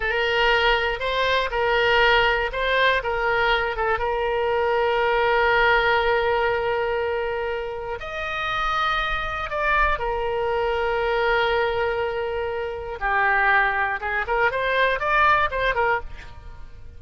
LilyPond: \new Staff \with { instrumentName = "oboe" } { \time 4/4 \tempo 4 = 120 ais'2 c''4 ais'4~ | ais'4 c''4 ais'4. a'8 | ais'1~ | ais'1 |
dis''2. d''4 | ais'1~ | ais'2 g'2 | gis'8 ais'8 c''4 d''4 c''8 ais'8 | }